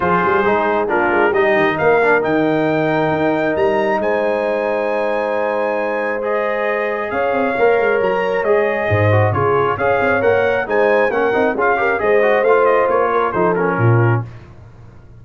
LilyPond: <<
  \new Staff \with { instrumentName = "trumpet" } { \time 4/4 \tempo 4 = 135 c''2 ais'4 dis''4 | f''4 g''2. | ais''4 gis''2.~ | gis''2 dis''2 |
f''2 ais''4 dis''4~ | dis''4 cis''4 f''4 fis''4 | gis''4 fis''4 f''4 dis''4 | f''8 dis''8 cis''4 c''8 ais'4. | }
  \new Staff \with { instrumentName = "horn" } { \time 4/4 gis'2 f'4 g'4 | ais'1~ | ais'4 c''2.~ | c''1 |
cis''1 | c''4 gis'4 cis''2 | c''4 ais'4 gis'8 ais'8 c''4~ | c''4. ais'8 a'4 f'4 | }
  \new Staff \with { instrumentName = "trombone" } { \time 4/4 f'4 dis'4 d'4 dis'4~ | dis'8 d'8 dis'2.~ | dis'1~ | dis'2 gis'2~ |
gis'4 ais'2 gis'4~ | gis'8 fis'8 f'4 gis'4 ais'4 | dis'4 cis'8 dis'8 f'8 g'8 gis'8 fis'8 | f'2 dis'8 cis'4. | }
  \new Staff \with { instrumentName = "tuba" } { \time 4/4 f8 g8 gis4 ais8 gis8 g8 dis8 | ais4 dis2 dis'4 | g4 gis2.~ | gis1 |
cis'8 c'8 ais8 gis8 fis4 gis4 | gis,4 cis4 cis'8 c'8 ais4 | gis4 ais8 c'8 cis'4 gis4 | a4 ais4 f4 ais,4 | }
>>